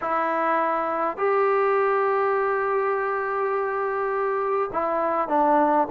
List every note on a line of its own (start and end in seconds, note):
0.01 1.17 E4
1.17 4.70 G4
4.72 5.28 E4
5.28 5.87 D4